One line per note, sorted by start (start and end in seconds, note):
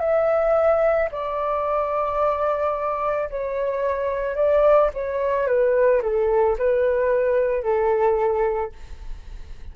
0.00 1.09 E5
1.11 3.29 D5
3.30 4.35 C#5
4.35 4.89 D5
4.94 5.47 C#5
5.47 6.01 B4
6.02 6.57 A4
6.58 7.63 B4
7.63 8.72 A4